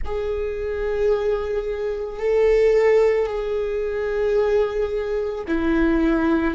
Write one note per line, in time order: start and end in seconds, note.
0.04 2.19 G#4
2.19 3.26 A4
3.26 5.44 G#4
5.47 6.54 E4